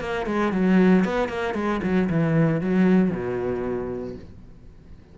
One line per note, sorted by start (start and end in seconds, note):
0.00 0.26 A#3
0.26 0.52 G#3
0.52 1.04 F#3
1.04 1.28 B3
1.28 1.54 A#3
1.54 1.80 G#3
1.83 2.09 F#3
2.09 2.61 E3
2.61 3.11 F#3
3.11 4.15 B2